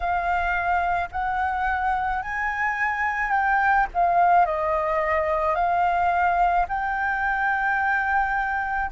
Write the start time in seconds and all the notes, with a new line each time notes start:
0.00 F5
1.11 F#5
2.22 G#5
3.30 G5
3.94 F5
4.45 D#5
5.55 F5
6.68 G5